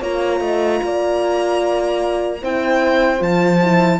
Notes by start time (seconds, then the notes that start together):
0.00 A#3 F4 C#5 A#5
0.40 A3 D#5
0.83 A#3 D5
2.42 C4 E4 C5 G5
3.18 F3 F4 A5
3.61 E4